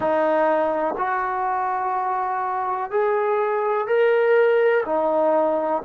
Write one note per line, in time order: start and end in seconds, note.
0.00 0.95 D#4
0.97 2.90 F#4
2.90 3.87 G#4
3.87 4.83 A#4
4.85 5.82 D#4